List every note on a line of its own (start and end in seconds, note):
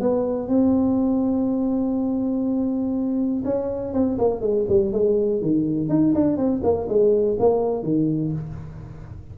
0.00 0.48 B3
0.48 3.43 C4
3.44 3.93 C#4
3.93 4.18 C4
4.18 4.41 A#3
4.41 4.65 G#3
4.68 4.92 G3
4.92 5.41 G#3
5.41 5.89 D#3
5.89 6.13 D#4
6.15 6.37 D4
6.37 6.61 C4
6.63 6.88 A#3
6.88 7.37 G#3
7.39 7.83 A#3
7.83 8.32 D#3